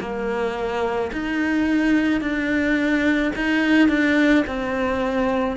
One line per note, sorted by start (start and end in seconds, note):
0.00 1.11 A#3
1.13 2.21 D#4
2.21 3.32 D4
3.35 3.88 D#4
3.88 4.44 D4
4.47 5.57 C4